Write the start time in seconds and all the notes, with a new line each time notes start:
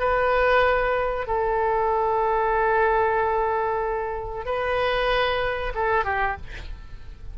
0.00 B4
1.27 A4
4.46 B4
5.75 A4
6.05 G4